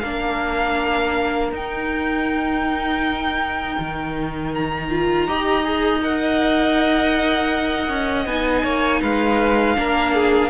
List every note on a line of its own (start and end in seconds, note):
0.00 1.52 A#3
0.00 1.54 D4
0.00 5.27 A#4
0.00 1.50 F5
1.52 3.77 D#4
1.52 4.91 D#4
1.52 4.54 G5
3.79 5.28 D#3
4.54 6.04 A#5
4.91 5.28 F4
5.28 7.89 D#4
5.28 5.64 G4
5.28 8.64 D#5
5.64 6.02 G#4
6.02 8.27 A#4
6.02 8.27 F#5
7.89 8.26 C#4
8.26 8.63 B3
8.26 9.76 D#4
8.26 9.02 G#5
8.64 9.01 A#3
8.64 9.01 C#5
9.02 9.78 G#3
9.02 9.77 B4
9.02 10.50 F5
9.76 10.50 A#3
9.76 10.50 D4
9.76 10.15 A#4
10.15 10.50 G#4